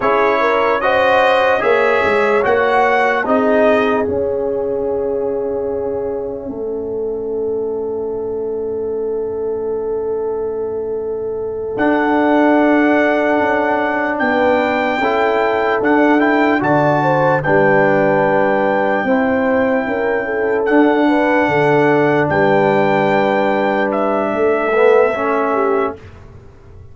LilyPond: <<
  \new Staff \with { instrumentName = "trumpet" } { \time 4/4 \tempo 4 = 74 cis''4 dis''4 e''4 fis''4 | dis''4 e''2.~ | e''1~ | e''2~ e''8 fis''4.~ |
fis''4. g''2 fis''8 | g''8 a''4 g''2~ g''8~ | g''4. fis''2 g''8~ | g''4. e''2~ e''8 | }
  \new Staff \with { instrumentName = "horn" } { \time 4/4 gis'8 ais'8 c''4 cis''2 | gis'1 | a'1~ | a'1~ |
a'4. b'4 a'4.~ | a'8 d''8 c''8 b'2 c''8~ | c''8 ais'8 a'4 b'8 a'4 b'8~ | b'2 a'4. g'8 | }
  \new Staff \with { instrumentName = "trombone" } { \time 4/4 e'4 fis'4 gis'4 fis'4 | dis'4 cis'2.~ | cis'1~ | cis'2~ cis'8 d'4.~ |
d'2~ d'8 e'4 d'8 | e'8 fis'4 d'2 e'8~ | e'4. d'2~ d'8~ | d'2~ d'8 b8 cis'4 | }
  \new Staff \with { instrumentName = "tuba" } { \time 4/4 cis'2 ais8 gis8 ais4 | c'4 cis'2. | a1~ | a2~ a8 d'4.~ |
d'8 cis'4 b4 cis'4 d'8~ | d'8 d4 g2 c'8~ | c'8 cis'4 d'4 d4 g8~ | g2 a2 | }
>>